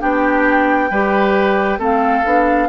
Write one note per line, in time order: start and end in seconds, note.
0.00 0.91 B3
0.00 0.90 D4
0.00 0.91 G4
0.00 1.80 G5
0.91 1.78 G3
0.91 1.80 G4
0.91 1.79 B4
1.78 2.23 A3
1.78 2.24 C4
1.78 2.68 A4
1.78 2.69 F5
2.25 2.69 B3
2.25 2.69 D4